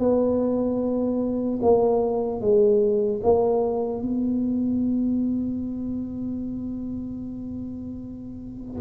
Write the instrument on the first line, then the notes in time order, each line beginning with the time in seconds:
tuba
0.00 B3
1.62 A#3
2.41 G#3
3.24 A#3
4.03 B3